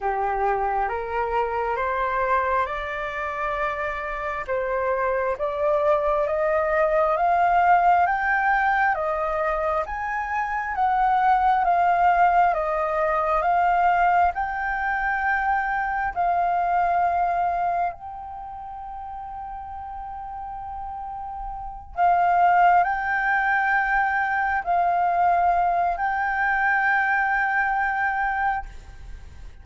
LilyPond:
\new Staff \with { instrumentName = "flute" } { \time 4/4 \tempo 4 = 67 g'4 ais'4 c''4 d''4~ | d''4 c''4 d''4 dis''4 | f''4 g''4 dis''4 gis''4 | fis''4 f''4 dis''4 f''4 |
g''2 f''2 | g''1~ | g''8 f''4 g''2 f''8~ | f''4 g''2. | }